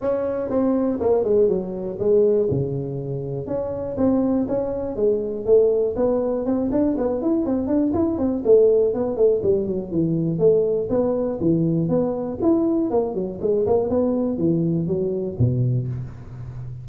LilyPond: \new Staff \with { instrumentName = "tuba" } { \time 4/4 \tempo 4 = 121 cis'4 c'4 ais8 gis8 fis4 | gis4 cis2 cis'4 | c'4 cis'4 gis4 a4 | b4 c'8 d'8 b8 e'8 c'8 d'8 |
e'8 c'8 a4 b8 a8 g8 fis8 | e4 a4 b4 e4 | b4 e'4 ais8 fis8 gis8 ais8 | b4 e4 fis4 b,4 | }